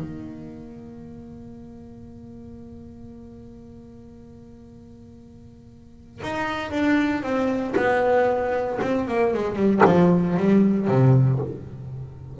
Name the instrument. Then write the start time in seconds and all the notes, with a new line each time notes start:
double bass
0.00 A#3
6.23 D#4
6.71 D4
7.22 C4
7.76 B3
8.82 C4
9.08 A#3
9.34 G#3
9.55 G3
9.85 F3
10.37 G3
10.88 C3